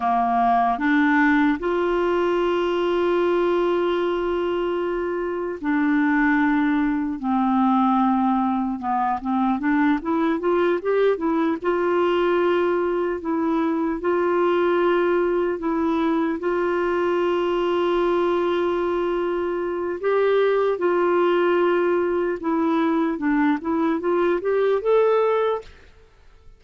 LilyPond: \new Staff \with { instrumentName = "clarinet" } { \time 4/4 \tempo 4 = 75 ais4 d'4 f'2~ | f'2. d'4~ | d'4 c'2 b8 c'8 | d'8 e'8 f'8 g'8 e'8 f'4.~ |
f'8 e'4 f'2 e'8~ | e'8 f'2.~ f'8~ | f'4 g'4 f'2 | e'4 d'8 e'8 f'8 g'8 a'4 | }